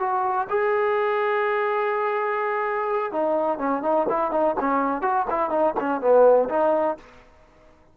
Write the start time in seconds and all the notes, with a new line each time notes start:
0.00 F#4
0.50 G#4
3.13 D#4
3.59 C#4
3.83 D#4
4.10 E4
4.32 D#4
4.60 C#4
5.02 F#4
5.30 E4
5.50 D#4
5.80 C#4
6.01 B3
6.50 D#4